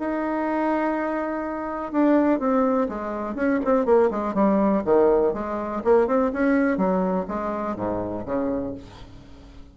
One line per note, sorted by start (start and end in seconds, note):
0.00 1.92 D#4
1.92 2.39 D4
2.39 2.88 C4
2.89 3.35 G#3
3.35 3.60 C#4
3.65 3.86 C4
3.86 4.10 A#3
4.11 4.34 G#3
4.34 4.83 G3
4.85 5.34 D#3
5.34 5.83 G#3
5.84 6.08 A#3
6.08 6.32 C4
6.33 6.78 C#4
6.78 7.26 F#3
7.28 7.76 G#3
7.76 8.25 G#2
8.26 8.75 C#3